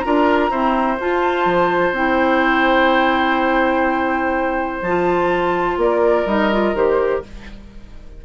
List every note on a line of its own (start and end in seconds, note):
0.00 0.51 D4
0.00 0.51 F4
0.00 0.51 A#4
0.00 0.96 A#5
0.51 0.99 C4
0.51 0.98 E4
0.51 5.79 C5
1.00 1.46 F4
1.00 1.95 F4
1.00 1.95 A5
1.46 1.92 F3
1.92 4.80 C4
1.92 4.83 E4
1.92 4.82 G5
4.82 5.78 F3
4.82 6.28 F4
4.82 5.78 A5
5.78 6.25 A#3
5.78 7.25 A#4
5.78 6.28 D5
6.26 6.74 G3
6.26 6.52 D#4
6.26 6.76 D#5
6.52 6.75 F4
6.74 7.22 D#3
6.74 7.23 G4
6.74 7.24 C5